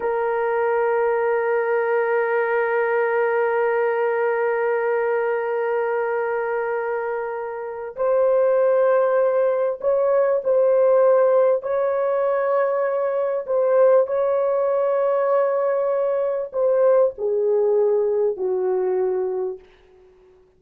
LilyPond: \new Staff \with { instrumentName = "horn" } { \time 4/4 \tempo 4 = 98 ais'1~ | ais'1~ | ais'1~ | ais'4 c''2. |
cis''4 c''2 cis''4~ | cis''2 c''4 cis''4~ | cis''2. c''4 | gis'2 fis'2 | }